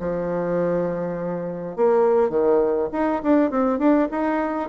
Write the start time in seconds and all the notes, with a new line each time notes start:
0.00 F3
1.76 A#3
2.29 D#3
2.93 D#4
3.23 D4
3.51 C4
3.79 D4
4.11 D#4